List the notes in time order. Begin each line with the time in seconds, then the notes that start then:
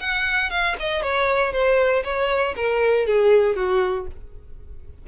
0.00 F#5
0.50 F5
0.80 D#5
1.02 C#5
1.53 C5
2.04 C#5
2.56 A#4
3.06 G#4
3.56 F#4